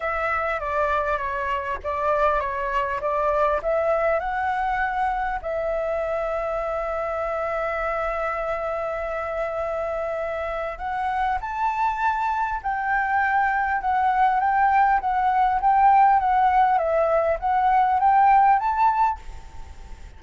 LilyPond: \new Staff \with { instrumentName = "flute" } { \time 4/4 \tempo 4 = 100 e''4 d''4 cis''4 d''4 | cis''4 d''4 e''4 fis''4~ | fis''4 e''2.~ | e''1~ |
e''2 fis''4 a''4~ | a''4 g''2 fis''4 | g''4 fis''4 g''4 fis''4 | e''4 fis''4 g''4 a''4 | }